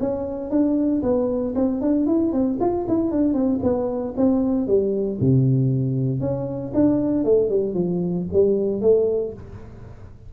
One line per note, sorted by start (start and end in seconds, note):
0.00 0.50 C#4
0.50 1.02 D4
1.03 1.54 B3
1.55 1.81 C4
1.81 2.06 D4
2.06 2.32 E4
2.33 2.58 C4
2.61 2.86 F4
2.88 3.11 E4
3.11 3.34 D4
3.34 3.59 C4
3.63 4.14 B3
4.17 4.67 C4
4.67 5.19 G3
5.20 6.20 C3
6.20 6.72 C#4
6.74 7.24 D4
7.24 7.50 A3
7.50 7.74 G3
7.74 8.26 F3
8.33 8.81 G3
8.81 9.33 A3